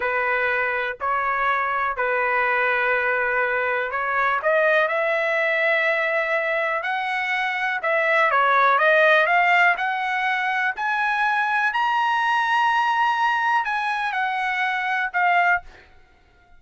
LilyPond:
\new Staff \with { instrumentName = "trumpet" } { \time 4/4 \tempo 4 = 123 b'2 cis''2 | b'1 | cis''4 dis''4 e''2~ | e''2 fis''2 |
e''4 cis''4 dis''4 f''4 | fis''2 gis''2 | ais''1 | gis''4 fis''2 f''4 | }